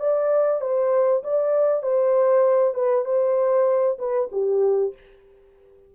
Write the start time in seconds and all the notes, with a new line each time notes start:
0.00 D5
0.62 C5
1.24 D5
1.83 C5
2.74 B4
3.06 C5
3.99 B4
4.32 G4